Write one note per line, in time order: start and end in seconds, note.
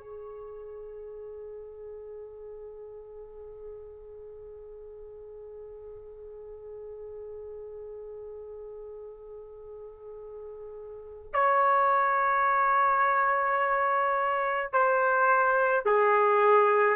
0.00 11.32 G#4
11.34 14.73 C#5
14.73 15.85 C5
15.85 16.97 G#4